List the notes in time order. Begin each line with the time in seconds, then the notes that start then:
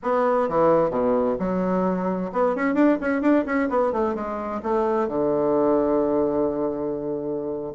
0.03 B3
0.48 E3
0.90 B2
1.39 F#3
2.32 B3
2.55 C#4
2.74 D4
3.00 C#4
3.21 D4
3.45 C#4
3.69 B3
3.92 A3
4.15 G#3
4.62 A3
5.08 D3